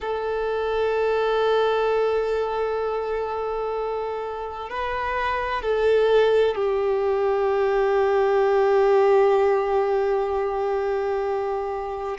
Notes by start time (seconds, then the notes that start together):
0.00 A4
4.69 B4
5.62 A4
6.55 G4